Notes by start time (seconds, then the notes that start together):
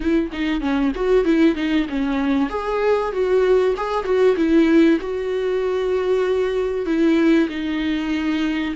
0.00 E4
0.32 D#4
0.60 C#4
0.95 F#4
1.24 E4
1.55 D#4
1.89 C#4
2.49 G#4
3.12 F#4
3.76 G#4
4.04 F#4
4.36 E4
5.00 F#4
6.86 E4
7.49 D#4